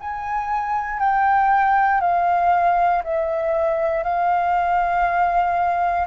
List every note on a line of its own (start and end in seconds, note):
0.00 0.99 G#5
0.99 2.01 G5
2.01 3.03 F5
3.04 4.04 E5
4.04 6.07 F5